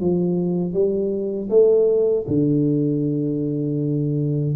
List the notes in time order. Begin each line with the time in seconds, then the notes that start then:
0.00 F3
0.73 G3
1.49 A3
2.28 D3